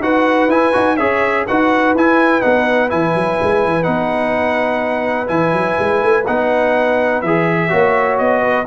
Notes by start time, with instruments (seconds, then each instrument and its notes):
0.00 tuba D#4, trombone F#4, horn B4, trumpet F#5
0.48 tuba E4, trombone E4, trumpet G#5
0.73 tuba D#4, trombone F#4
0.97 tuba C#4, trombone G#4, horn C#5, trumpet E5
1.46 tuba D#4, trombone F#4, horn B4, trumpet F#5
1.94 tuba E4, trombone E4, trumpet G#5
2.41 tuba B3, trombone D#4, trumpet F#5
2.89 tuba E3, trombone E4, trumpet G#5
3.15 tuba F#3
3.42 tuba G#3
3.65 tuba E3
3.83 tuba B3, trombone D#4, trumpet F#5
5.28 tuba E3, trombone E4, trumpet G#5
5.53 tuba F#3
5.79 tuba G#3
6.03 tuba A3
6.26 tuba B3, trombone D#4, trumpet F#5
7.22 tuba E3, trombone G#4, trumpet E5
7.69 tuba A#3, trombone F#4, horn C#5
8.18 tuba B3, trumpet D#5
8.42 horn B4